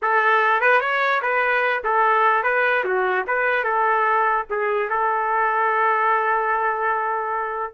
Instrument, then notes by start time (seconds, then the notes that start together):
trumpet
0.01 A4
0.60 B4
0.80 C#5
1.21 B4
1.84 A4
2.43 B4
2.84 F#4
3.27 B4
3.64 A4
4.50 G#4
4.89 A4